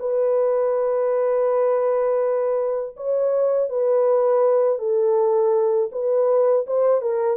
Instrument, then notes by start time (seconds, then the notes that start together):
horn
0.00 B4
2.97 C#5
3.70 B4
4.79 A4
5.92 B4
6.67 C5
7.02 A#4